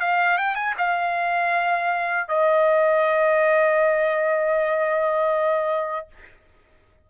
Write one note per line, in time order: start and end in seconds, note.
0.00 0.38 F5
0.38 0.55 G5
0.55 0.74 G#5
0.78 2.28 F5
2.28 6.08 D#5